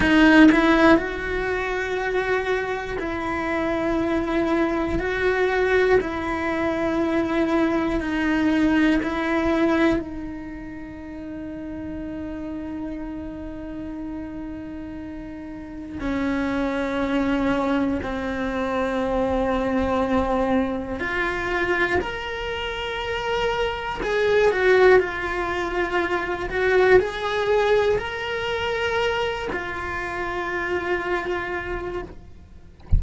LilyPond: \new Staff \with { instrumentName = "cello" } { \time 4/4 \tempo 4 = 60 dis'8 e'8 fis'2 e'4~ | e'4 fis'4 e'2 | dis'4 e'4 dis'2~ | dis'1 |
cis'2 c'2~ | c'4 f'4 ais'2 | gis'8 fis'8 f'4. fis'8 gis'4 | ais'4. f'2~ f'8 | }